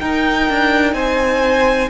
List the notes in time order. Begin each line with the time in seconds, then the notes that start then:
0.00 D#4 A#4 G5
0.49 D4
0.94 C4 C5 G#5